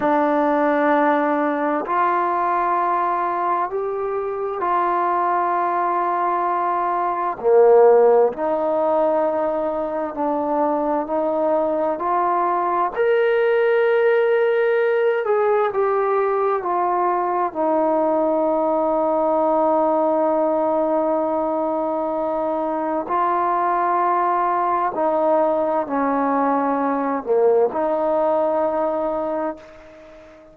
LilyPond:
\new Staff \with { instrumentName = "trombone" } { \time 4/4 \tempo 4 = 65 d'2 f'2 | g'4 f'2. | ais4 dis'2 d'4 | dis'4 f'4 ais'2~ |
ais'8 gis'8 g'4 f'4 dis'4~ | dis'1~ | dis'4 f'2 dis'4 | cis'4. ais8 dis'2 | }